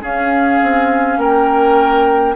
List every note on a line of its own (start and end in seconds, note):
0.00 2.35 C#4
0.00 0.61 C#4
0.00 1.19 G#4
0.00 1.19 F5
0.62 1.17 C4
1.17 2.35 A#3
1.17 2.36 A#4
1.17 2.36 G5